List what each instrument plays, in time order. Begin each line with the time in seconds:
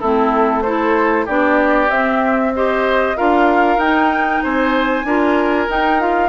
0.00 bassoon A3, clarinet C4, oboe E4, flute A4
0.62 clarinet E4, oboe A4, flute C5
1.25 bassoon B3, clarinet D4, oboe G4, flute D5
1.89 bassoon C4, clarinet C4, flute E5
2.54 clarinet G4, oboe C5, flute D#5
3.16 bassoon D4, clarinet F4, oboe A#4, flute F5
3.77 bassoon D#4, clarinet D#4, flute G5
4.43 bassoon C4, oboe C5, flute G#5
5.04 bassoon D4, clarinet F4, oboe A#4
5.69 clarinet D#4, bassoon D#4, flute G5
5.99 clarinet F4, flute F5